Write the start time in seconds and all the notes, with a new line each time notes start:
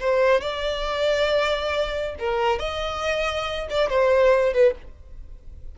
0.00 C5
0.41 D5
2.20 A#4
2.59 D#5
3.70 D5
3.90 C5
4.54 B4